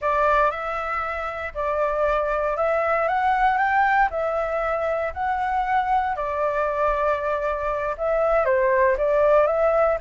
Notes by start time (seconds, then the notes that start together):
0.01 D5
0.50 E5
1.54 D5
2.56 E5
3.07 F#5
3.57 G5
4.10 E5
5.13 F#5
6.16 D5
7.97 E5
8.45 C5
8.97 D5
9.46 E5